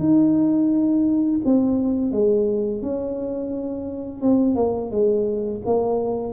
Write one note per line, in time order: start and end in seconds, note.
0.00 1.41 D#4
1.45 2.12 C4
2.12 2.83 G#3
2.83 4.22 C#4
4.22 4.56 C4
4.56 4.91 A#3
4.91 5.62 G#3
5.66 6.34 A#3